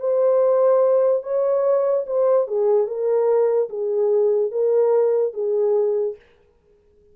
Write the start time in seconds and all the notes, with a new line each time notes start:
0.00 C5
1.23 C#5
2.07 C5
2.48 G#4
2.87 A#4
3.70 G#4
4.52 A#4
5.34 G#4